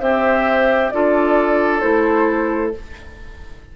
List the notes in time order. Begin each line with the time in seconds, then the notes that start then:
0.00 C4 G4 C5 E5
0.91 D4 F4 A4 D5
1.80 A3 E4 C5